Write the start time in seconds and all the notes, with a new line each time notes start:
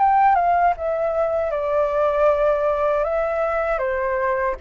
0.00 G5
0.36 F5
0.77 E5
1.51 D5
3.05 E5
3.79 C5